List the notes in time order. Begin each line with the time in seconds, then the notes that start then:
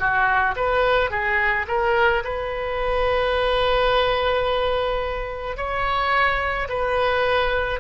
0.00 F#4
0.57 B4
1.11 G#4
1.68 A#4
2.25 B4
5.58 C#5
6.69 B4